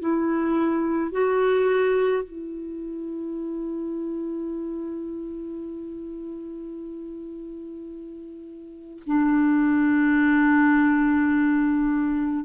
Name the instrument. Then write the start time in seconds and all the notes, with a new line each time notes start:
clarinet
0.00 E4
1.12 F#4
2.23 E4
9.06 D4